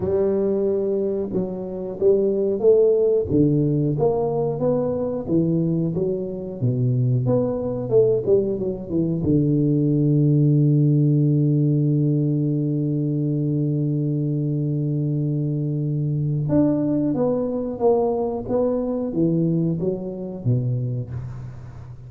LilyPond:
\new Staff \with { instrumentName = "tuba" } { \time 4/4 \tempo 4 = 91 g2 fis4 g4 | a4 d4 ais4 b4 | e4 fis4 b,4 b4 | a8 g8 fis8 e8 d2~ |
d1~ | d1~ | d4 d'4 b4 ais4 | b4 e4 fis4 b,4 | }